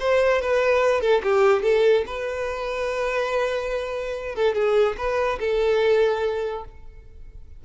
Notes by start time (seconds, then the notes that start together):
0.00 C5
0.42 B4
1.01 A4
1.23 G4
1.63 A4
2.06 B4
4.36 A4
4.55 G#4
4.97 B4
5.40 A4